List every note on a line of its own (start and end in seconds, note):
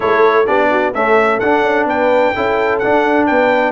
0.00 0.48 A3
0.00 0.44 E4
0.00 0.45 A4
0.00 0.46 C#5
0.45 0.94 B3
0.45 0.93 D4
0.45 0.69 G4
0.45 0.93 D5
0.71 0.94 F#4
0.93 1.42 A3
0.93 1.41 C#4
0.93 1.88 A4
0.93 1.39 E5
1.39 1.62 D4
1.39 2.35 D4
1.39 1.86 F#5
1.62 1.85 C#4
1.85 2.32 B3
1.85 2.34 B4
1.85 2.78 G5
2.34 2.83 C#4
2.34 2.82 E4
2.34 3.27 A4
2.78 3.72 D4
2.78 3.30 D4
2.78 3.25 F#5
3.26 3.72 B3
3.26 3.72 B4
3.26 3.72 G5